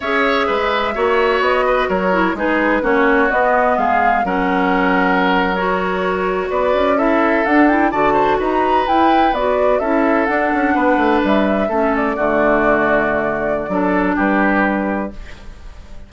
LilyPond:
<<
  \new Staff \with { instrumentName = "flute" } { \time 4/4 \tempo 4 = 127 e''2. dis''4 | cis''4 b'4 cis''4 dis''4 | f''4 fis''2~ fis''8. cis''16~ | cis''4.~ cis''16 d''4 e''4 fis''16~ |
fis''16 g''8 a''4 ais''4 g''4 d''16~ | d''8. e''4 fis''2 e''16~ | e''4~ e''16 d''2~ d''8.~ | d''2 b'2 | }
  \new Staff \with { instrumentName = "oboe" } { \time 4/4 cis''4 b'4 cis''4. b'8 | ais'4 gis'4 fis'2 | gis'4 ais'2.~ | ais'4.~ ais'16 b'4 a'4~ a'16~ |
a'8. d''8 c''8 b'2~ b'16~ | b'8. a'2 b'4~ b'16~ | b'8. a'4 fis'2~ fis'16~ | fis'4 a'4 g'2 | }
  \new Staff \with { instrumentName = "clarinet" } { \time 4/4 gis'2 fis'2~ | fis'8 e'8 dis'4 cis'4 b4~ | b4 cis'2~ cis'8. fis'16~ | fis'2~ fis'8. e'4 d'16~ |
d'16 e'8 fis'2 e'4 fis'16~ | fis'8. e'4 d'2~ d'16~ | d'8. cis'4 a2~ a16~ | a4 d'2. | }
  \new Staff \with { instrumentName = "bassoon" } { \time 4/4 cis'4 gis4 ais4 b4 | fis4 gis4 ais4 b4 | gis4 fis2.~ | fis4.~ fis16 b8 cis'4. d'16~ |
d'8. d4 dis'4 e'4 b16~ | b8. cis'4 d'8 cis'8 b8 a8 g16~ | g8. a4 d2~ d16~ | d4 fis4 g2 | }
>>